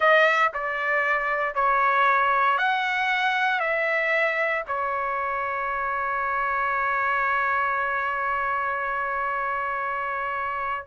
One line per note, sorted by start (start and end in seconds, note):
0.00 0.52 E5
0.53 1.54 D5
1.54 2.58 C#5
2.58 3.60 F#5
3.60 4.63 E5
4.67 10.86 C#5